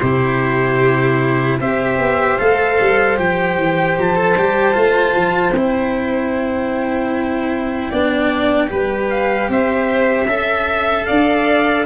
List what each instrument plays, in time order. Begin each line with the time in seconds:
0.00 tuba C3, cello E4, violin G4, trumpet C5
1.60 tuba C4, cello G4, violin C5, trumpet E5
1.99 tuba B3
2.39 tuba A3, cello A4, trumpet F5
2.80 tuba G3
3.17 tuba F3, cello G4, trumpet G5
3.57 tuba E3
3.99 tuba F3, trumpet A5
4.16 cello A4
4.37 tuba G3, cello G4
4.73 tuba A3, cello F4
5.16 tuba F3
5.52 tuba C4, cello E4, trumpet G5
7.90 tuba B3, cello D4, violin D5
8.68 tuba G3, cello G4, violin B4
9.10 trumpet F5
9.49 tuba C4, violin C5, trumpet E5
10.27 tuba C#4, cello A4, violin E5
11.06 tuba D4, violin D5, trumpet F5